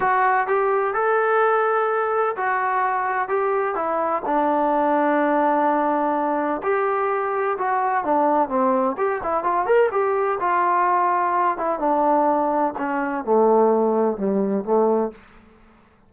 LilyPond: \new Staff \with { instrumentName = "trombone" } { \time 4/4 \tempo 4 = 127 fis'4 g'4 a'2~ | a'4 fis'2 g'4 | e'4 d'2.~ | d'2 g'2 |
fis'4 d'4 c'4 g'8 e'8 | f'8 ais'8 g'4 f'2~ | f'8 e'8 d'2 cis'4 | a2 g4 a4 | }